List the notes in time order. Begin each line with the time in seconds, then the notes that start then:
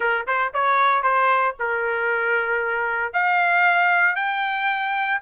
0.00 A#4
0.26 C5
0.53 C#5
1.02 C5
1.59 A#4
3.13 F5
4.15 G5